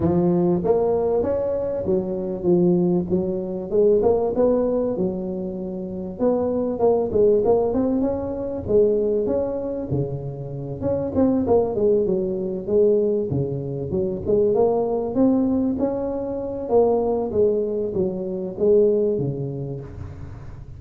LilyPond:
\new Staff \with { instrumentName = "tuba" } { \time 4/4 \tempo 4 = 97 f4 ais4 cis'4 fis4 | f4 fis4 gis8 ais8 b4 | fis2 b4 ais8 gis8 | ais8 c'8 cis'4 gis4 cis'4 |
cis4. cis'8 c'8 ais8 gis8 fis8~ | fis8 gis4 cis4 fis8 gis8 ais8~ | ais8 c'4 cis'4. ais4 | gis4 fis4 gis4 cis4 | }